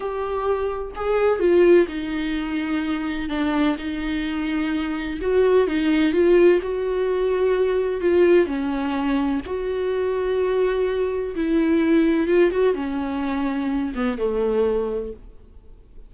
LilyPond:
\new Staff \with { instrumentName = "viola" } { \time 4/4 \tempo 4 = 127 g'2 gis'4 f'4 | dis'2. d'4 | dis'2. fis'4 | dis'4 f'4 fis'2~ |
fis'4 f'4 cis'2 | fis'1 | e'2 f'8 fis'8 cis'4~ | cis'4. b8 a2 | }